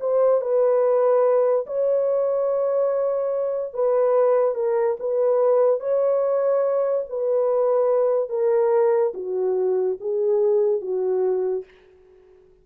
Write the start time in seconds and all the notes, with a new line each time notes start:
0.00 C5
0.41 B4
1.66 C#5
3.73 B4
4.55 A#4
5.00 B4
5.80 C#5
7.09 B4
8.29 A#4
9.14 F#4
10.00 G#4
10.81 F#4